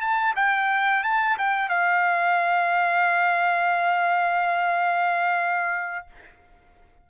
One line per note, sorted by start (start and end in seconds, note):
0.00 0.34 A5
0.35 1.03 G5
1.03 1.37 A5
1.38 1.69 G5
1.69 6.07 F5